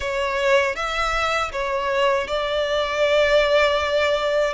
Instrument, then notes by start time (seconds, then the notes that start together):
violin
0.00 C#5
0.75 E5
1.52 C#5
2.28 D5